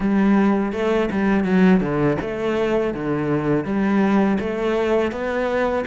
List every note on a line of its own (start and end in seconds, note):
0.00 0.72 G3
0.72 1.09 A3
1.11 1.44 G3
1.44 1.80 F#3
1.80 2.17 D3
2.21 2.93 A3
2.93 3.65 D3
3.65 4.38 G3
4.39 5.11 A3
5.11 5.84 B3